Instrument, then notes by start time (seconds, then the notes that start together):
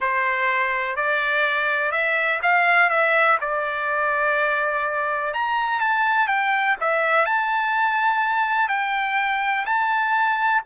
trumpet
0.00 C5
0.96 D5
1.91 E5
2.42 F5
2.89 E5
3.40 D5
5.33 A#5
5.80 A5
6.27 G5
6.80 E5
7.25 A5
8.68 G5
9.65 A5